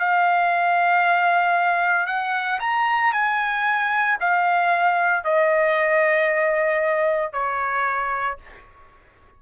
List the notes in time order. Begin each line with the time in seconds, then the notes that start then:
0.00 F5
2.07 F#5
2.60 A#5
3.13 G#5
4.21 F5
5.24 D#5
7.33 C#5